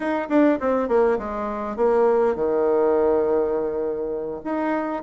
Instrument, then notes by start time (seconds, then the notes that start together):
bassoon
0.00 D#4
0.29 D4
0.60 C4
0.88 A#3
1.18 G#3
1.76 A#3
2.35 D#3
4.44 D#4